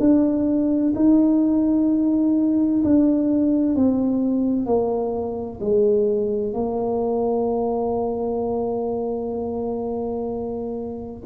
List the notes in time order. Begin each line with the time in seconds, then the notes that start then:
0.00 D4
0.96 D#4
2.84 D4
3.75 C4
4.66 A#3
5.61 G#3
6.54 A#3